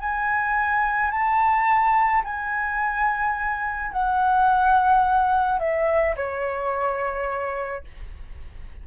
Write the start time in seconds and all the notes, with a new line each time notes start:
0.00 G#5
1.11 A5
2.25 G#5
3.93 F#5
5.60 E5
6.16 C#5